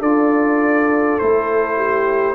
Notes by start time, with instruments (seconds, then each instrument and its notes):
0.00 tuba D4, trombone F4, horn A4, trumpet D5
1.19 tuba A3, trombone E4, trumpet C5
1.77 horn G4